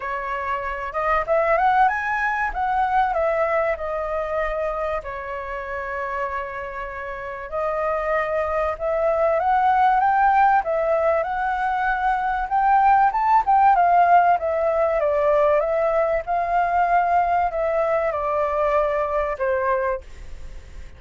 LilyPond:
\new Staff \with { instrumentName = "flute" } { \time 4/4 \tempo 4 = 96 cis''4. dis''8 e''8 fis''8 gis''4 | fis''4 e''4 dis''2 | cis''1 | dis''2 e''4 fis''4 |
g''4 e''4 fis''2 | g''4 a''8 g''8 f''4 e''4 | d''4 e''4 f''2 | e''4 d''2 c''4 | }